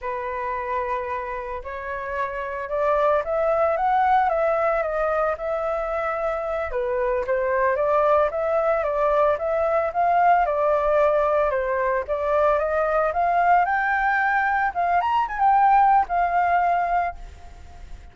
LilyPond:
\new Staff \with { instrumentName = "flute" } { \time 4/4 \tempo 4 = 112 b'2. cis''4~ | cis''4 d''4 e''4 fis''4 | e''4 dis''4 e''2~ | e''8 b'4 c''4 d''4 e''8~ |
e''8 d''4 e''4 f''4 d''8~ | d''4. c''4 d''4 dis''8~ | dis''8 f''4 g''2 f''8 | ais''8 gis''16 g''4~ g''16 f''2 | }